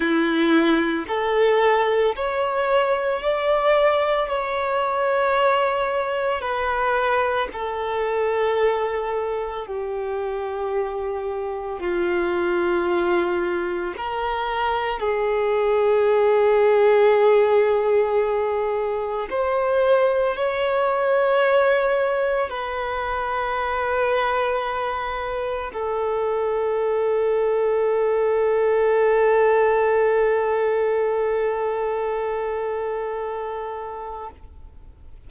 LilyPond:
\new Staff \with { instrumentName = "violin" } { \time 4/4 \tempo 4 = 56 e'4 a'4 cis''4 d''4 | cis''2 b'4 a'4~ | a'4 g'2 f'4~ | f'4 ais'4 gis'2~ |
gis'2 c''4 cis''4~ | cis''4 b'2. | a'1~ | a'1 | }